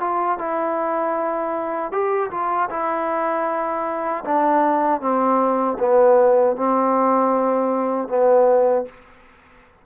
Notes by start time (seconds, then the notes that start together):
0.00 F4
0.38 E4
1.92 G4
2.30 F4
2.70 E4
4.24 D4
5.00 C4
5.79 B3
6.56 C4
8.08 B3